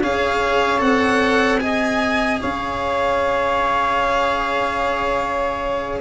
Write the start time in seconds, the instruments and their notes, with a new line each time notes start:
0.00 tuba C#4, cello G#4, saxophone C#5, violin F5
0.78 tuba C4, cello A4, violin F#5
1.59 cello G#4, saxophone D#5, violin G#5
2.40 tuba C#4, saxophone C#5, violin F5